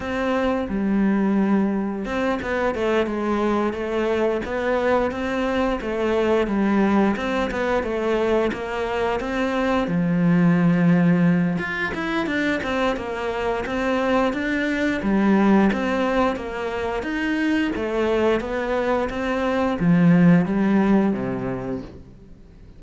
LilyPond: \new Staff \with { instrumentName = "cello" } { \time 4/4 \tempo 4 = 88 c'4 g2 c'8 b8 | a8 gis4 a4 b4 c'8~ | c'8 a4 g4 c'8 b8 a8~ | a8 ais4 c'4 f4.~ |
f4 f'8 e'8 d'8 c'8 ais4 | c'4 d'4 g4 c'4 | ais4 dis'4 a4 b4 | c'4 f4 g4 c4 | }